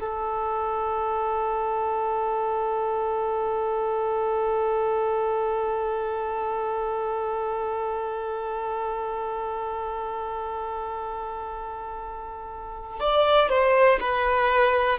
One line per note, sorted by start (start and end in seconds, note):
0.00 13.00 A4
13.00 13.49 D5
13.49 13.99 C5
14.00 14.98 B4